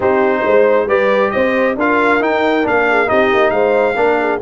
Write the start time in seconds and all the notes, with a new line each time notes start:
0.00 C4 D#4 G4 C5
0.44 G#3 C5
0.87 G3 G4 B4 D5
1.31 C4 C5 D#5
1.75 D4 F4 A#4 F5
2.20 D#4 G5
2.62 A#3 D4 F5
2.89 G#4
3.06 C4 D#4 G4 D#5
3.32 A#3
3.50 G#3 C5 F5
3.95 A#3 D4 A#4
4.19 G#4